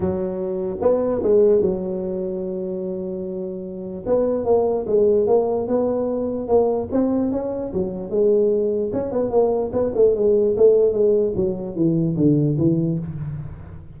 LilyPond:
\new Staff \with { instrumentName = "tuba" } { \time 4/4 \tempo 4 = 148 fis2 b4 gis4 | fis1~ | fis2 b4 ais4 | gis4 ais4 b2 |
ais4 c'4 cis'4 fis4 | gis2 cis'8 b8 ais4 | b8 a8 gis4 a4 gis4 | fis4 e4 d4 e4 | }